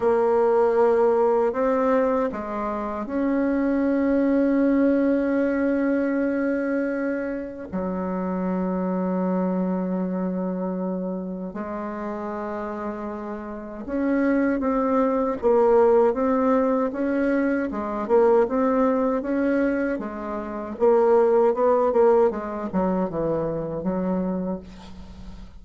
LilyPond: \new Staff \with { instrumentName = "bassoon" } { \time 4/4 \tempo 4 = 78 ais2 c'4 gis4 | cis'1~ | cis'2 fis2~ | fis2. gis4~ |
gis2 cis'4 c'4 | ais4 c'4 cis'4 gis8 ais8 | c'4 cis'4 gis4 ais4 | b8 ais8 gis8 fis8 e4 fis4 | }